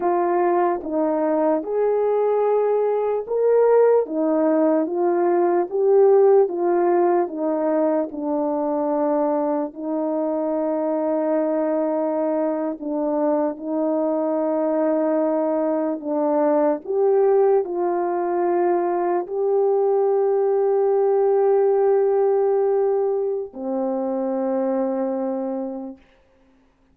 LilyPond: \new Staff \with { instrumentName = "horn" } { \time 4/4 \tempo 4 = 74 f'4 dis'4 gis'2 | ais'4 dis'4 f'4 g'4 | f'4 dis'4 d'2 | dis'2.~ dis'8. d'16~ |
d'8. dis'2. d'16~ | d'8. g'4 f'2 g'16~ | g'1~ | g'4 c'2. | }